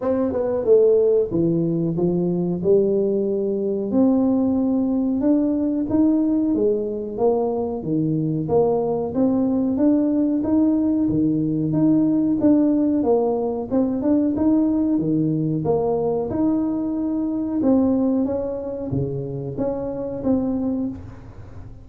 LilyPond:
\new Staff \with { instrumentName = "tuba" } { \time 4/4 \tempo 4 = 92 c'8 b8 a4 e4 f4 | g2 c'2 | d'4 dis'4 gis4 ais4 | dis4 ais4 c'4 d'4 |
dis'4 dis4 dis'4 d'4 | ais4 c'8 d'8 dis'4 dis4 | ais4 dis'2 c'4 | cis'4 cis4 cis'4 c'4 | }